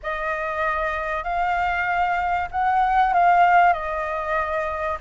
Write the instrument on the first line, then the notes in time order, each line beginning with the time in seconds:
flute
0.03 D#5
1.23 F5
2.51 F#5
3.13 F5
3.73 D#5